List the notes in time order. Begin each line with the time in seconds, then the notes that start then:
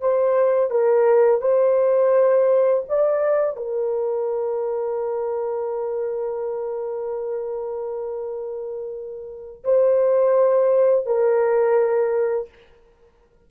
0.00 C5
0.70 A#4
1.41 C5
2.88 D5
3.56 A#4
9.64 C5
11.06 A#4